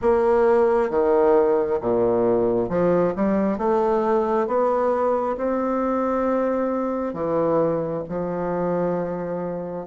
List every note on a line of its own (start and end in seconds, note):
0.01 0.90 A#3
0.90 1.79 D#3
1.81 2.69 A#2
2.69 3.13 F3
3.15 3.57 G3
3.57 4.47 A3
4.47 5.36 B3
5.37 7.13 C4
7.13 8.03 E3
8.08 9.86 F3